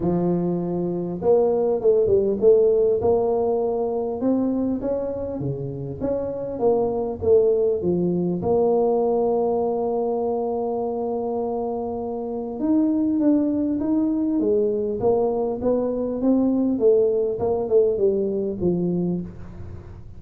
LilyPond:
\new Staff \with { instrumentName = "tuba" } { \time 4/4 \tempo 4 = 100 f2 ais4 a8 g8 | a4 ais2 c'4 | cis'4 cis4 cis'4 ais4 | a4 f4 ais2~ |
ais1~ | ais4 dis'4 d'4 dis'4 | gis4 ais4 b4 c'4 | a4 ais8 a8 g4 f4 | }